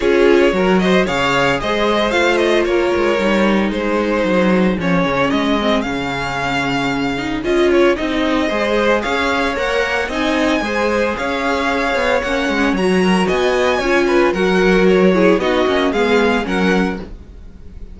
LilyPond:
<<
  \new Staff \with { instrumentName = "violin" } { \time 4/4 \tempo 4 = 113 cis''4. dis''8 f''4 dis''4 | f''8 dis''8 cis''2 c''4~ | c''4 cis''4 dis''4 f''4~ | f''2 dis''8 cis''8 dis''4~ |
dis''4 f''4 fis''4 gis''4~ | gis''4 f''2 fis''4 | ais''4 gis''2 fis''4 | cis''4 dis''4 f''4 fis''4 | }
  \new Staff \with { instrumentName = "violin" } { \time 4/4 gis'4 ais'8 c''8 cis''4 c''4~ | c''4 ais'2 gis'4~ | gis'1~ | gis'1 |
c''4 cis''2 dis''4 | c''4 cis''2.~ | cis''8 ais'8 dis''4 cis''8 b'8 ais'4~ | ais'8 gis'8 fis'4 gis'4 ais'4 | }
  \new Staff \with { instrumentName = "viola" } { \time 4/4 f'4 fis'4 gis'2 | f'2 dis'2~ | dis'4 cis'4. c'8 cis'4~ | cis'4. dis'8 f'4 dis'4 |
gis'2 ais'4 dis'4 | gis'2. cis'4 | fis'2 f'4 fis'4~ | fis'8 e'8 dis'8 cis'8 b4 cis'4 | }
  \new Staff \with { instrumentName = "cello" } { \time 4/4 cis'4 fis4 cis4 gis4 | a4 ais8 gis8 g4 gis4 | fis4 f8 cis8 gis4 cis4~ | cis2 cis'4 c'4 |
gis4 cis'4 ais4 c'4 | gis4 cis'4. b8 ais8 gis8 | fis4 b4 cis'4 fis4~ | fis4 b8 ais8 gis4 fis4 | }
>>